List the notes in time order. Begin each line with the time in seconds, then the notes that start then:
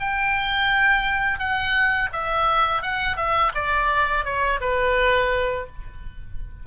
0.00 G5
1.39 F#5
2.13 E5
2.82 F#5
3.17 E5
3.55 D5
4.25 C#5
4.61 B4